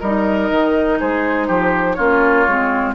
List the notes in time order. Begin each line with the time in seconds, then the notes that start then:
0.00 G3 D#4 A#4 D#5
0.51 D#3
1.00 G#3 G#4 C5
1.48 F3 G4
1.94 A#3 C#4 F4 C#5
2.48 G#3 C4